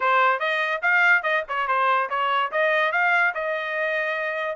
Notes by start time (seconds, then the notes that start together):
0.00 C5
0.39 D#5
0.82 F5
1.23 D#5
1.48 C#5
1.67 C5
2.09 C#5
2.51 D#5
2.92 F5
3.34 D#5